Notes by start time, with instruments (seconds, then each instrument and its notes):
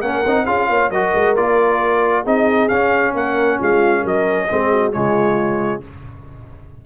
0.00 tuba A#3, trombone C#4, horn A#4, trumpet F#5
0.25 tuba C4, trombone D#4
0.46 tuba C#4, trombone F4, horn G#4, trumpet F5
0.69 tuba A#3, horn C#5
0.90 tuba F#3, trombone F#4, horn A#4, trumpet D#5
1.15 tuba G#3
1.36 tuba A#3, trombone F4, trumpet D5
2.23 tuba C4, trombone D#4, horn G#4, trumpet D#5
2.68 trombone C#4, tuba C#4, trumpet F5
3.14 tuba A#3, horn A#4, trumpet F#5
3.59 tuba G#3, horn F4, trumpet F5
4.02 tuba F#3, horn A#4, trumpet D#5
4.49 tuba G#3, trombone C4, horn G#4
4.72 horn F#4
4.92 tuba C#3, trombone G#3, horn F4, trumpet C#5